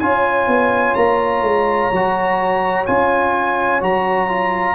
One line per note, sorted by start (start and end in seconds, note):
0.00 0.47 C#4
0.00 1.93 F4
0.00 4.75 C#5
0.00 0.95 G#5
0.47 0.95 B3
0.95 1.42 A#3
0.95 2.86 A#5
1.42 1.90 G#3
1.92 2.87 F#3
1.92 2.87 F#4
2.87 3.82 C#4
2.87 3.81 F4
2.87 3.82 G#5
3.81 4.75 F#3
3.81 4.28 F#4
3.81 4.75 A#5
4.28 4.75 F4